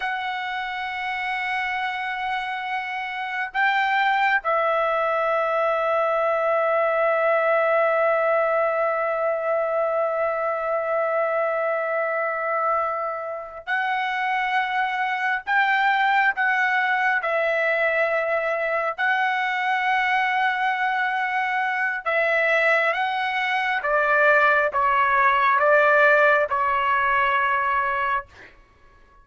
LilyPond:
\new Staff \with { instrumentName = "trumpet" } { \time 4/4 \tempo 4 = 68 fis''1 | g''4 e''2.~ | e''1~ | e''2.~ e''8 fis''8~ |
fis''4. g''4 fis''4 e''8~ | e''4. fis''2~ fis''8~ | fis''4 e''4 fis''4 d''4 | cis''4 d''4 cis''2 | }